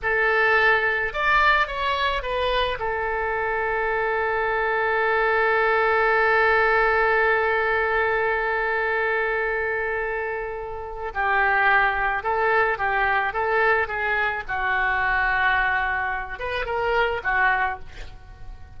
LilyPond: \new Staff \with { instrumentName = "oboe" } { \time 4/4 \tempo 4 = 108 a'2 d''4 cis''4 | b'4 a'2.~ | a'1~ | a'1~ |
a'1 | g'2 a'4 g'4 | a'4 gis'4 fis'2~ | fis'4. b'8 ais'4 fis'4 | }